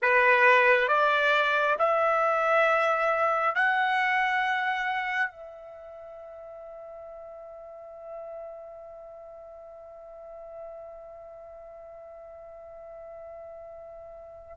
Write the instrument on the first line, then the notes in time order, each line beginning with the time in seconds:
trumpet
0.02 B4
0.88 D5
1.78 E5
3.55 F#5
5.31 E5